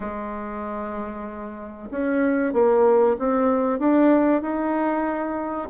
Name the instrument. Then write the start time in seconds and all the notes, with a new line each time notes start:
bassoon
0.00 G#3
1.90 C#4
2.53 A#3
3.19 C4
3.79 D4
4.41 D#4